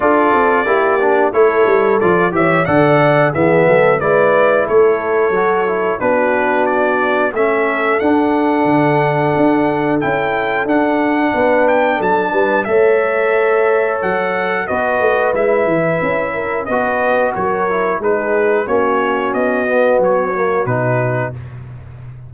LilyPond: <<
  \new Staff \with { instrumentName = "trumpet" } { \time 4/4 \tempo 4 = 90 d''2 cis''4 d''8 e''8 | fis''4 e''4 d''4 cis''4~ | cis''4 b'4 d''4 e''4 | fis''2. g''4 |
fis''4. g''8 a''4 e''4~ | e''4 fis''4 dis''4 e''4~ | e''4 dis''4 cis''4 b'4 | cis''4 dis''4 cis''4 b'4 | }
  \new Staff \with { instrumentName = "horn" } { \time 4/4 a'4 g'4 a'4. cis''8 | d''4 gis'8 a'8 b'4 a'4~ | a'4 fis'2 a'4~ | a'1~ |
a'4 b'4 a'8 b'8 cis''4~ | cis''2 b'2~ | b'8 ais'8 b'4 ais'4 gis'4 | fis'1 | }
  \new Staff \with { instrumentName = "trombone" } { \time 4/4 f'4 e'8 d'8 e'4 f'8 g'8 | a'4 b4 e'2 | fis'8 e'8 d'2 cis'4 | d'2. e'4 |
d'2. a'4~ | a'2 fis'4 e'4~ | e'4 fis'4. e'8 dis'4 | cis'4. b4 ais8 dis'4 | }
  \new Staff \with { instrumentName = "tuba" } { \time 4/4 d'8 c'8 ais4 a8 g8 f8 e8 | d4 e8 fis8 gis4 a4 | fis4 b2 a4 | d'4 d4 d'4 cis'4 |
d'4 b4 fis8 g8 a4~ | a4 fis4 b8 a8 gis8 e8 | cis'4 b4 fis4 gis4 | ais4 b4 fis4 b,4 | }
>>